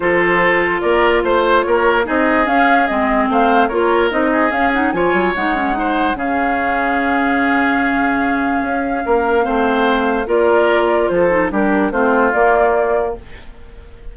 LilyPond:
<<
  \new Staff \with { instrumentName = "flute" } { \time 4/4 \tempo 4 = 146 c''2 d''4 c''4 | cis''4 dis''4 f''4 dis''4 | f''4 cis''4 dis''4 f''8 fis''8 | gis''4 fis''2 f''4~ |
f''1~ | f''1~ | f''4 d''2 c''4 | ais'4 c''4 d''2 | }
  \new Staff \with { instrumentName = "oboe" } { \time 4/4 a'2 ais'4 c''4 | ais'4 gis'2. | c''4 ais'4. gis'4. | cis''2 c''4 gis'4~ |
gis'1~ | gis'2 ais'4 c''4~ | c''4 ais'2 a'4 | g'4 f'2. | }
  \new Staff \with { instrumentName = "clarinet" } { \time 4/4 f'1~ | f'4 dis'4 cis'4 c'4~ | c'4 f'4 dis'4 cis'8 dis'8 | f'4 dis'8 cis'8 dis'4 cis'4~ |
cis'1~ | cis'2. c'4~ | c'4 f'2~ f'8 dis'8 | d'4 c'4 ais2 | }
  \new Staff \with { instrumentName = "bassoon" } { \time 4/4 f2 ais4 a4 | ais4 c'4 cis'4 gis4 | a4 ais4 c'4 cis'4 | f8 fis8 gis2 cis4~ |
cis1~ | cis4 cis'4 ais4 a4~ | a4 ais2 f4 | g4 a4 ais2 | }
>>